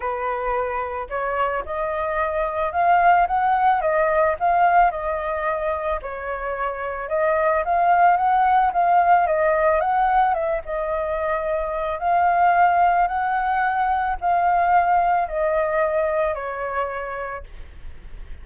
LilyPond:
\new Staff \with { instrumentName = "flute" } { \time 4/4 \tempo 4 = 110 b'2 cis''4 dis''4~ | dis''4 f''4 fis''4 dis''4 | f''4 dis''2 cis''4~ | cis''4 dis''4 f''4 fis''4 |
f''4 dis''4 fis''4 e''8 dis''8~ | dis''2 f''2 | fis''2 f''2 | dis''2 cis''2 | }